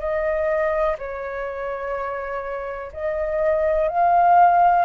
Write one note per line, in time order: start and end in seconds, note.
0.00 0.97 D#5
0.99 2.93 C#5
2.93 3.89 D#5
3.89 4.86 F5